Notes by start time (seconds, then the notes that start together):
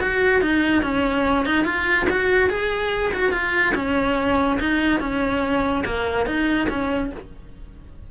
0.00 F#4
0.41 D#4
0.82 C#4
1.45 D#4
1.64 F4
2.09 F#4
2.49 G#4
3.13 F#4
3.32 F4
3.75 C#4
4.60 D#4
5.00 C#4
5.85 A#3
6.26 D#4
6.69 C#4